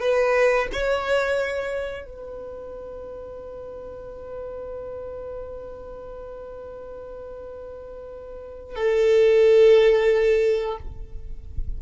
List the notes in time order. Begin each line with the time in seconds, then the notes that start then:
0.00 B4
0.72 C#5
2.05 B4
8.75 A4